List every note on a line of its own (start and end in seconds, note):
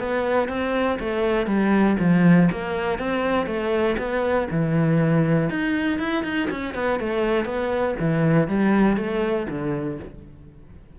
0.00 0.49 B3
0.49 0.99 C4
1.00 1.47 A3
1.47 1.97 G3
2.00 2.50 F3
2.52 2.99 A#3
2.99 3.47 C4
3.47 3.97 A3
3.99 4.49 B3
4.51 5.50 E3
5.50 5.99 D#4
5.99 6.24 E4
6.24 6.49 D#4
6.51 6.75 C#4
6.75 7.00 B3
7.00 7.46 A3
7.46 7.96 B3
8.00 8.49 E3
8.49 8.97 G3
8.97 9.47 A3
9.50 10.00 D3